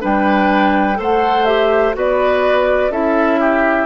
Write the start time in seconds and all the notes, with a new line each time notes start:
0.00 G3 D4 B4 G5
0.95 A3 A4 C5
1.03 F#5
1.46 G4 E5
1.94 B3 F#4 B4 D5
2.90 C#4 E4 A4 E5
3.40 G4